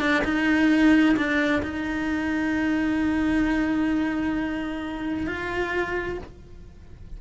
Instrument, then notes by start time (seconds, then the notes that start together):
cello
0.00 D4
0.24 D#4
1.16 D4
1.63 D#4
5.27 F4